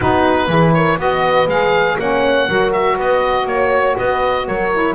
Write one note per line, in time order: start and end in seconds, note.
0.00 0.48 B3
0.00 0.48 D#4
0.00 0.49 F#4
0.00 0.73 B4
0.48 0.97 E3
0.48 0.97 E4
0.48 0.74 G#4
0.73 0.99 A#4
0.73 0.98 C#5
0.97 1.47 B3
0.97 1.47 F#4
0.97 1.98 B4
0.97 1.49 D#5
1.47 1.96 G#3
1.47 1.99 G#4
1.47 1.98 F5
1.98 2.48 A#3
1.98 2.48 C#4
1.98 2.47 C#5
1.98 2.72 F#5
2.47 2.97 F#3
2.47 4.71 F#4
2.47 2.95 A#4
2.72 2.97 E5
2.95 3.45 B3
2.95 3.45 B4
2.95 3.47 D#5
3.45 3.94 A#3
3.45 3.97 C#5
3.45 3.96 C#5
3.96 4.48 B3
3.96 4.46 B4
3.96 4.47 D#5
4.46 4.94 F#3
4.46 4.94 A#4
4.46 4.94 C#5
4.72 4.94 E4